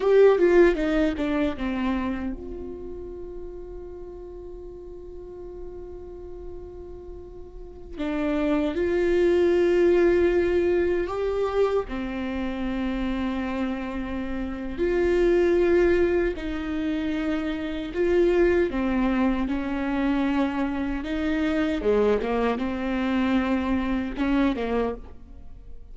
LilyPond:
\new Staff \with { instrumentName = "viola" } { \time 4/4 \tempo 4 = 77 g'8 f'8 dis'8 d'8 c'4 f'4~ | f'1~ | f'2~ f'16 d'4 f'8.~ | f'2~ f'16 g'4 c'8.~ |
c'2. f'4~ | f'4 dis'2 f'4 | c'4 cis'2 dis'4 | gis8 ais8 c'2 cis'8 ais8 | }